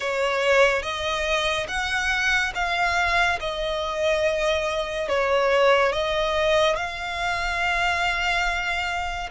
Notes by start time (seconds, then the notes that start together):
0.00 C#5
0.82 D#5
1.68 F#5
2.54 F5
3.40 D#5
5.08 C#5
5.92 D#5
6.76 F5